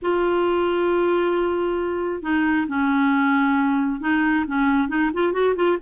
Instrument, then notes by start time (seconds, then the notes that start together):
clarinet
0.01 F4
2.22 D#4
2.67 C#4
4.00 D#4
4.46 C#4
4.88 D#4
5.13 F4
5.32 F#4
5.55 F4